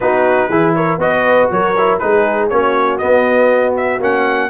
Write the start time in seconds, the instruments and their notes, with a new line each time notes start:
0.00 tuba B3, trombone D#4, horn F#4, trumpet B4
0.49 tuba E3, trombone E4, horn G#4
0.75 horn A#4, trumpet C#5
0.97 tuba B3, trombone F#4, horn B4, trumpet D#5
1.50 tuba F#3, horn A#4, trumpet C#5
1.77 trombone E4
1.98 tuba G#3, trombone D#4, horn G#4, trumpet B4
2.49 tuba A#3, trombone C#4, horn F#4, trumpet C#5
2.98 trombone B3, tuba B3, trumpet D#5
3.77 trumpet E5
4.00 tuba A#3, trombone C#4, trumpet F#5